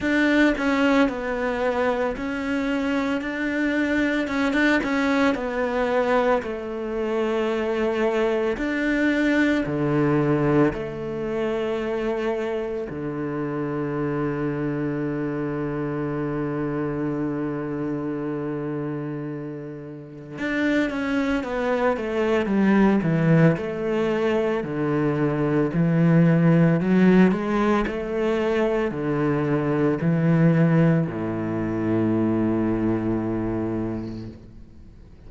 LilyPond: \new Staff \with { instrumentName = "cello" } { \time 4/4 \tempo 4 = 56 d'8 cis'8 b4 cis'4 d'4 | cis'16 d'16 cis'8 b4 a2 | d'4 d4 a2 | d1~ |
d2. d'8 cis'8 | b8 a8 g8 e8 a4 d4 | e4 fis8 gis8 a4 d4 | e4 a,2. | }